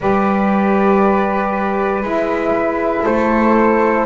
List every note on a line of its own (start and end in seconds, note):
0.00 2.02 G3
0.00 2.03 G4
0.00 3.03 B4
0.00 2.04 D5
2.02 3.04 G#3
2.02 4.05 E4
2.02 3.05 E5
3.03 4.05 A3
3.03 4.04 A4
3.03 4.05 C5